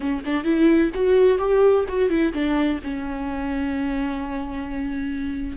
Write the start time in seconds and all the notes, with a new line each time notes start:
0.00 C#4
0.25 D4
0.44 E4
0.94 F#4
1.38 G4
1.88 F#4
2.09 E4
2.33 D4
2.83 C#4